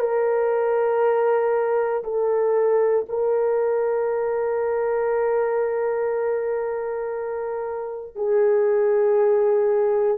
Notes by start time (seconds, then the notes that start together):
0.00 A#4
2.04 A4
3.09 A#4
8.16 G#4